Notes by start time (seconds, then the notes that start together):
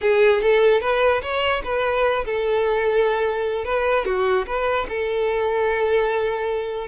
0.01 G#4
0.41 A4
0.81 B4
1.22 C#5
1.63 B4
2.25 A4
3.64 B4
4.05 F#4
4.46 B4
4.88 A4